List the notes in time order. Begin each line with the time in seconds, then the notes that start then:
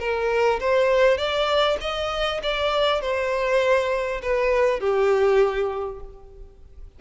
0.00 A#4
0.60 C5
1.18 D5
1.81 D#5
2.43 D5
3.01 C5
4.22 B4
4.80 G4